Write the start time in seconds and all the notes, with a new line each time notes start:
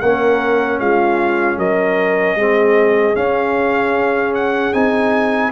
0.00 A#3 C#4 A#4 F#5
0.79 G#3 F4 F5
1.57 F#3 A#4 D#5
2.36 G#3 C4 G#4
3.15 C#4 F5
4.34 F#5
4.73 C4 D#4 G#5